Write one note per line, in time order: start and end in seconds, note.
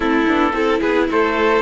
0.00 0.26 A3
0.00 0.26 C4
0.00 0.53 E4
0.00 0.80 A4
0.27 0.53 B3
0.27 0.53 D4
0.53 0.80 C4
0.53 1.61 E4
0.53 0.80 A4
0.80 1.09 B3
0.80 1.07 G#4
0.80 1.08 B4
1.11 1.61 A3
1.11 1.61 A4
1.11 1.61 C5